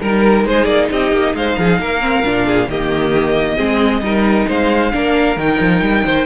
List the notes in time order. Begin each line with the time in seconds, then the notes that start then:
0.00 G3 D#4 A#4
0.44 G#3 G#4 C5
0.64 A#3 D5
0.91 C4 G4 D#5
1.11 A#3
1.33 G#3 C5 F5
1.58 F3 G#4
1.79 A#3 A#4
2.00 C4
2.24 A#2 D4
2.46 G#4
2.67 D#3 A#3 G4 D#5
3.56 G#3 C4 G#4
4.01 G3 D#4 A#4
4.48 G#3 C5 F5
4.92 A#3 D4 A#4
5.36 D#3 D#4 G5
5.60 F3
5.81 G3
6.04 D#3 C5